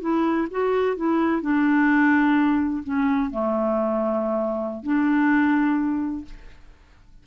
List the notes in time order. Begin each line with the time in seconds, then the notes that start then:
0.00 E4
0.50 F#4
0.96 E4
1.41 D4
2.83 C#4
3.30 A3
4.83 D4